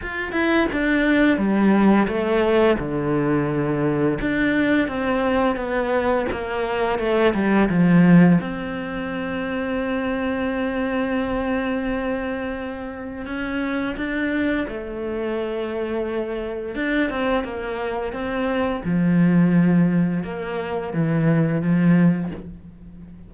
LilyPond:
\new Staff \with { instrumentName = "cello" } { \time 4/4 \tempo 4 = 86 f'8 e'8 d'4 g4 a4 | d2 d'4 c'4 | b4 ais4 a8 g8 f4 | c'1~ |
c'2. cis'4 | d'4 a2. | d'8 c'8 ais4 c'4 f4~ | f4 ais4 e4 f4 | }